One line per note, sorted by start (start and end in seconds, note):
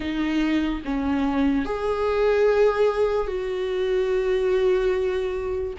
0.00 0.81 D#4
0.84 1.65 C#4
1.65 3.27 G#4
3.27 5.73 F#4